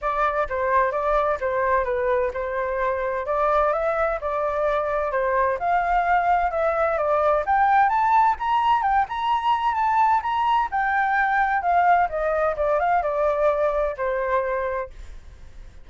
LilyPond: \new Staff \with { instrumentName = "flute" } { \time 4/4 \tempo 4 = 129 d''4 c''4 d''4 c''4 | b'4 c''2 d''4 | e''4 d''2 c''4 | f''2 e''4 d''4 |
g''4 a''4 ais''4 g''8 ais''8~ | ais''4 a''4 ais''4 g''4~ | g''4 f''4 dis''4 d''8 f''8 | d''2 c''2 | }